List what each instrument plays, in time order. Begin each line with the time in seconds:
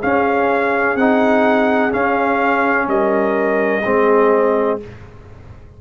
0.00 trombone C#4, tuba C#4, horn G#4, trumpet F5
0.95 tuba C4, trombone D#4, trumpet F#5
1.91 trombone C#4, tuba C#4, trumpet F5
2.87 tuba G3, horn A#4, trumpet D#5
3.83 tuba G#3, trombone C4, horn G#4